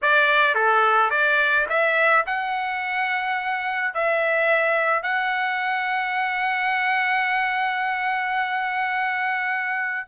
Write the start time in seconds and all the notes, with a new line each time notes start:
0.02 D5
0.55 A4
1.10 D5
1.69 E5
2.26 F#5
3.94 E5
5.02 F#5